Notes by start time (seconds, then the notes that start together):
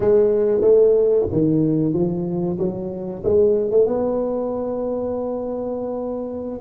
0.00 G#3
0.61 A3
1.32 D#3
1.93 F3
2.58 F#3
3.24 G#3
3.70 A3
3.86 B3